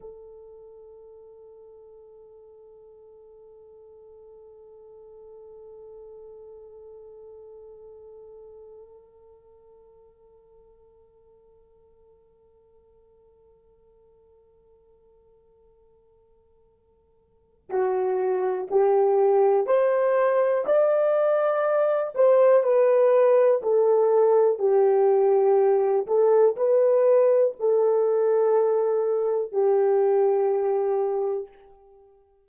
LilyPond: \new Staff \with { instrumentName = "horn" } { \time 4/4 \tempo 4 = 61 a'1~ | a'1~ | a'1~ | a'1~ |
a'2 fis'4 g'4 | c''4 d''4. c''8 b'4 | a'4 g'4. a'8 b'4 | a'2 g'2 | }